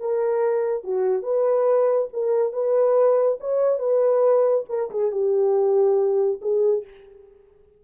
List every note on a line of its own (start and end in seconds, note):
0.00 0.84 A#4
0.84 1.23 F#4
1.23 2.08 B4
2.13 2.53 A#4
2.53 3.38 B4
3.40 3.79 C#5
3.79 4.65 B4
4.69 4.90 A#4
4.91 5.11 G#4
5.11 6.40 G4
6.41 6.84 G#4